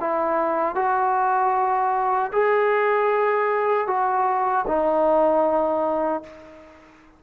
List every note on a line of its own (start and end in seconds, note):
0.00 0.75 E4
0.75 2.31 F#4
2.32 3.87 G#4
3.87 4.65 F#4
4.68 6.23 D#4